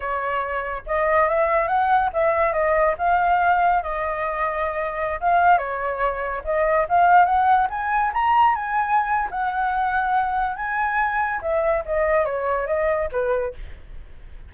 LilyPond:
\new Staff \with { instrumentName = "flute" } { \time 4/4 \tempo 4 = 142 cis''2 dis''4 e''4 | fis''4 e''4 dis''4 f''4~ | f''4 dis''2.~ | dis''16 f''4 cis''2 dis''8.~ |
dis''16 f''4 fis''4 gis''4 ais''8.~ | ais''16 gis''4.~ gis''16 fis''2~ | fis''4 gis''2 e''4 | dis''4 cis''4 dis''4 b'4 | }